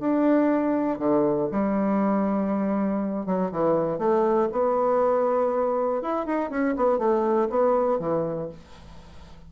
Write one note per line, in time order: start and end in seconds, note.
0.00 0.99 D4
0.99 1.49 D3
1.52 3.26 G3
3.26 3.51 F#3
3.52 3.98 E3
3.98 4.48 A3
4.52 6.02 B3
6.02 6.26 E4
6.26 6.50 D#4
6.50 6.75 C#4
6.77 6.99 B3
6.99 7.49 A3
7.50 8.00 B3
8.00 8.50 E3